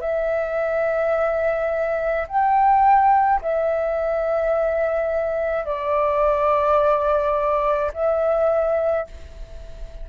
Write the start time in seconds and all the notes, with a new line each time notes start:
0.00 E5
2.27 G5
3.41 E5
5.65 D5
7.93 E5